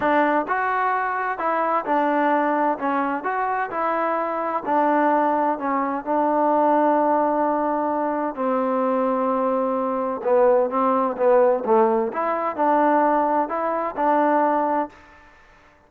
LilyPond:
\new Staff \with { instrumentName = "trombone" } { \time 4/4 \tempo 4 = 129 d'4 fis'2 e'4 | d'2 cis'4 fis'4 | e'2 d'2 | cis'4 d'2.~ |
d'2 c'2~ | c'2 b4 c'4 | b4 a4 e'4 d'4~ | d'4 e'4 d'2 | }